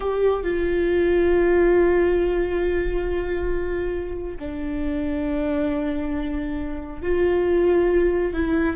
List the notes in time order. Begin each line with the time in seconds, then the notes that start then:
0.00 G4
0.43 F4
4.39 D4
7.02 F4
8.33 E4